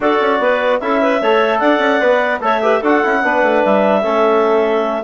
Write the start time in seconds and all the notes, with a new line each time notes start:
0.00 D4 F#4 A4 D5
0.20 C#4
0.39 B3 B4
0.80 C#4 E4 A4 E5
1.01 B4
1.21 A3 A4 C#5
1.59 D4 D5 F#5
1.78 C#4
2.00 B3 B4
2.39 A3 A4 C#5 E5
2.62 G4 B4
2.79 D4 F#4 A4 F#5
3.03 C#4 E4
3.23 B3 D4 B4
3.42 A3
3.64 G3 E5
4.02 A3 C#4 A4